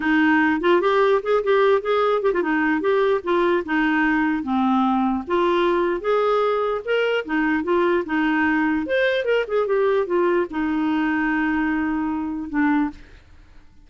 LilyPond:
\new Staff \with { instrumentName = "clarinet" } { \time 4/4 \tempo 4 = 149 dis'4. f'8 g'4 gis'8 g'8~ | g'8 gis'4 g'16 f'16 dis'4 g'4 | f'4 dis'2 c'4~ | c'4 f'2 gis'4~ |
gis'4 ais'4 dis'4 f'4 | dis'2 c''4 ais'8 gis'8 | g'4 f'4 dis'2~ | dis'2. d'4 | }